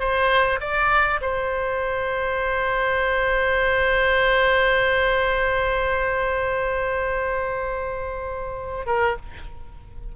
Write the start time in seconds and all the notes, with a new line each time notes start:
0.00 C5
0.61 D5
1.21 C5
8.86 A#4